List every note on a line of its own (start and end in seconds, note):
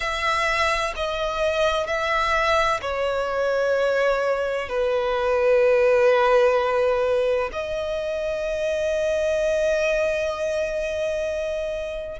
0.00 0.93 E5
0.96 1.86 D#5
1.86 2.80 E5
2.81 4.68 C#5
4.68 7.50 B4
7.52 12.20 D#5